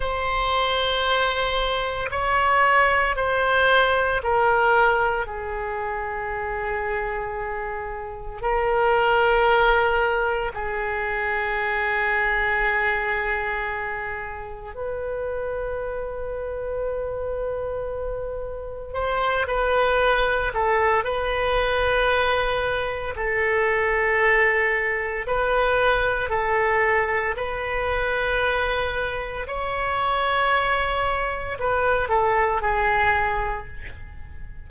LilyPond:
\new Staff \with { instrumentName = "oboe" } { \time 4/4 \tempo 4 = 57 c''2 cis''4 c''4 | ais'4 gis'2. | ais'2 gis'2~ | gis'2 b'2~ |
b'2 c''8 b'4 a'8 | b'2 a'2 | b'4 a'4 b'2 | cis''2 b'8 a'8 gis'4 | }